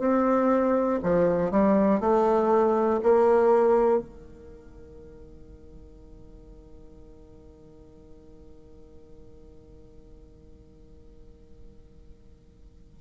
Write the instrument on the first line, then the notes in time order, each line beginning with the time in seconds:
bassoon
0.00 C4
1.04 F3
1.51 G3
2.00 A3
3.04 A#3
4.00 D#3